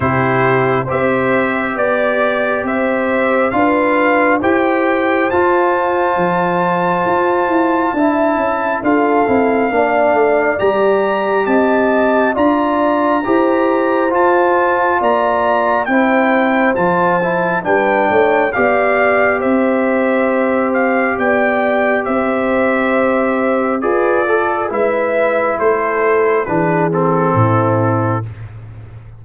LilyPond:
<<
  \new Staff \with { instrumentName = "trumpet" } { \time 4/4 \tempo 4 = 68 c''4 e''4 d''4 e''4 | f''4 g''4 a''2~ | a''2 f''2 | ais''4 a''4 ais''2 |
a''4 ais''4 g''4 a''4 | g''4 f''4 e''4. f''8 | g''4 e''2 d''4 | e''4 c''4 b'8 a'4. | }
  \new Staff \with { instrumentName = "horn" } { \time 4/4 g'4 c''4 d''4 c''4 | b'4 c''2.~ | c''4 e''4 a'4 d''4~ | d''4 dis''4 d''4 c''4~ |
c''4 d''4 c''2 | b'8 cis''8 d''4 c''2 | d''4 c''2 b'8 a'8 | b'4 a'4 gis'4 e'4 | }
  \new Staff \with { instrumentName = "trombone" } { \time 4/4 e'4 g'2. | f'4 g'4 f'2~ | f'4 e'4 f'8 e'8 d'4 | g'2 f'4 g'4 |
f'2 e'4 f'8 e'8 | d'4 g'2.~ | g'2. gis'8 a'8 | e'2 d'8 c'4. | }
  \new Staff \with { instrumentName = "tuba" } { \time 4/4 c4 c'4 b4 c'4 | d'4 e'4 f'4 f4 | f'8 e'8 d'8 cis'8 d'8 c'8 ais8 a8 | g4 c'4 d'4 e'4 |
f'4 ais4 c'4 f4 | g8 a8 b4 c'2 | b4 c'2 f'4 | gis4 a4 e4 a,4 | }
>>